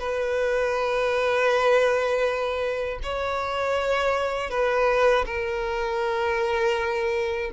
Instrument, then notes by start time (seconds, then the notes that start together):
violin
0.00 B4
3.03 C#5
4.51 B4
5.26 A#4